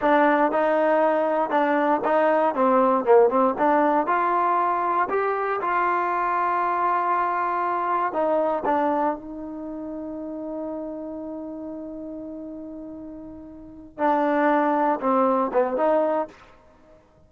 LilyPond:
\new Staff \with { instrumentName = "trombone" } { \time 4/4 \tempo 4 = 118 d'4 dis'2 d'4 | dis'4 c'4 ais8 c'8 d'4 | f'2 g'4 f'4~ | f'1 |
dis'4 d'4 dis'2~ | dis'1~ | dis'2.~ dis'8 d'8~ | d'4. c'4 b8 dis'4 | }